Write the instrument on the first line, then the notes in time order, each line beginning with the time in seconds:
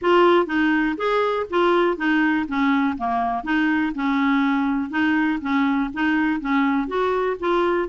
clarinet
0.01 F4
0.46 D#4
0.97 G#4
1.50 F4
1.97 D#4
2.47 C#4
2.97 A#3
3.43 D#4
3.94 C#4
4.90 D#4
5.41 C#4
5.93 D#4
6.40 C#4
6.87 F#4
7.39 F4